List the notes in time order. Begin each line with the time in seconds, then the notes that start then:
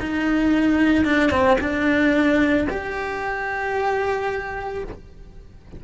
0.00 D#4
1.05 D4
1.31 C4
1.60 D4
2.70 G4